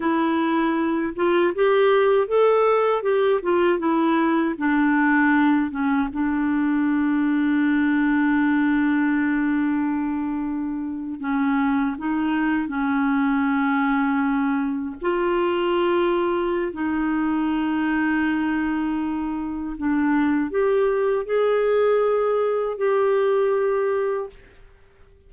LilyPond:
\new Staff \with { instrumentName = "clarinet" } { \time 4/4 \tempo 4 = 79 e'4. f'8 g'4 a'4 | g'8 f'8 e'4 d'4. cis'8 | d'1~ | d'2~ d'8. cis'4 dis'16~ |
dis'8. cis'2. f'16~ | f'2 dis'2~ | dis'2 d'4 g'4 | gis'2 g'2 | }